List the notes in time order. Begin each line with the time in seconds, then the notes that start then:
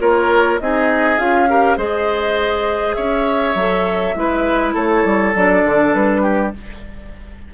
0.00 A#3 F4 A#4 C#5
0.60 C4 D#4 G#4 D#5
1.18 C#4 F4 F5
1.49 G4 A#4
1.77 G#3 G#4 C5 D#5
2.94 C#4 C#5 E5
3.55 F#3 A4
4.16 G#3 E4 B4
4.75 A3 A4 C#5
5.05 G3
5.35 F#3 D4 D5
5.64 D3
5.94 G3 B4
6.22 G4